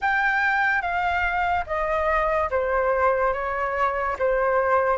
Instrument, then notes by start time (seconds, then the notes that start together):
flute
0.01 G5
0.81 F5
1.66 D#5
2.50 C5
3.33 C#5
4.19 C5